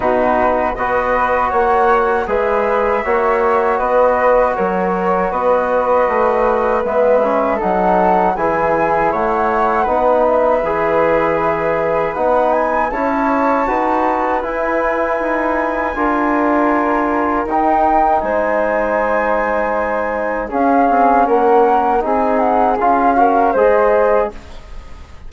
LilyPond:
<<
  \new Staff \with { instrumentName = "flute" } { \time 4/4 \tempo 4 = 79 b'4 dis''4 fis''4 e''4~ | e''4 dis''4 cis''4 dis''4~ | dis''4 e''4 fis''4 gis''4 | fis''4. e''2~ e''8 |
fis''8 gis''8 a''2 gis''4~ | gis''2. g''4 | gis''2. f''4 | fis''4 gis''8 fis''8 f''4 dis''4 | }
  \new Staff \with { instrumentName = "flute" } { \time 4/4 fis'4 b'4 cis''4 b'4 | cis''4 b'4 ais'4 b'4~ | b'2 a'4 gis'4 | cis''4 b'2.~ |
b'4 cis''4 b'2~ | b'4 ais'2. | c''2. gis'4 | ais'4 gis'4. ais'8 c''4 | }
  \new Staff \with { instrumentName = "trombone" } { \time 4/4 dis'4 fis'2 gis'4 | fis'1~ | fis'4 b8 cis'8 dis'4 e'4~ | e'4 dis'4 gis'2 |
dis'4 e'4 fis'4 e'4~ | e'4 f'2 dis'4~ | dis'2. cis'4~ | cis'4 dis'4 f'8 fis'8 gis'4 | }
  \new Staff \with { instrumentName = "bassoon" } { \time 4/4 b,4 b4 ais4 gis4 | ais4 b4 fis4 b4 | a4 gis4 fis4 e4 | a4 b4 e2 |
b4 cis'4 dis'4 e'4 | dis'4 d'2 dis'4 | gis2. cis'8 c'8 | ais4 c'4 cis'4 gis4 | }
>>